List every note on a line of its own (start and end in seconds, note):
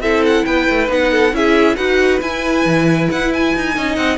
0.00 0.44 C4
0.00 0.88 E4
0.00 0.46 A4
0.00 0.24 E5
0.26 0.45 F#5
0.45 0.69 B3
0.45 1.12 B4
0.45 0.89 G5
0.70 0.89 A3
0.88 1.33 B3
0.88 1.32 D#4
0.88 1.36 F#5
1.12 1.34 A4
1.33 1.77 C#4
1.33 1.77 E4
1.33 1.77 G#4
1.33 1.76 E5
1.76 2.21 D#4
1.76 2.21 F#4
1.76 3.74 B4
1.76 2.20 F#5
2.21 2.65 E4
2.21 3.75 E4
2.21 3.09 G#5
2.66 3.09 E3
3.11 3.55 E4
3.11 3.33 F#5
3.34 3.96 G#5
3.56 3.77 D#4
3.76 3.97 C#4
3.76 4.18 D#4
3.76 4.18 D#5
3.96 4.18 C4
3.96 4.18 F#5